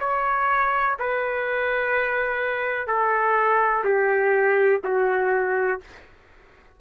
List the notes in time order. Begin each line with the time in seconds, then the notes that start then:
0.00 C#5
0.99 B4
2.87 A4
3.84 G4
4.84 F#4